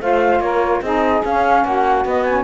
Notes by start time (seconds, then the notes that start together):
0.00 A3 F4 C5 F5
0.40 A#3 A#4 C#5
0.81 C4 D#4 G#4 D#5
1.24 C#4 F5
1.65 A#3 F#4 F#5
2.05 B3 D#5
2.24 C#4 G#5